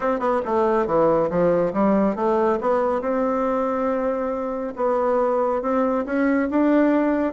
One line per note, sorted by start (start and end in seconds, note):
0.00 0.19 C4
0.19 0.41 B3
0.45 0.86 A3
0.86 1.29 E3
1.29 1.73 F3
1.73 2.15 G3
2.15 2.58 A3
2.60 3.01 B3
3.01 4.73 C4
4.76 5.61 B3
5.61 6.05 C4
6.05 6.48 C#4
6.50 7.33 D4